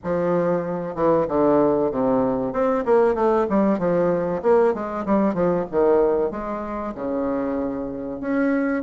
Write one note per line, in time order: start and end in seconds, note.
0.03 0.95 F3
0.95 1.26 E3
1.27 1.91 D3
1.91 2.53 C3
2.53 2.84 C4
2.85 3.14 A#3
3.14 3.46 A3
3.49 3.79 G3
3.79 4.42 F3
4.42 4.73 A#3
4.73 5.05 G#3
5.05 5.33 G3
5.33 5.65 F3
5.71 6.30 D#3
6.30 6.94 G#3
6.94 8.20 C#3
8.20 8.83 C#4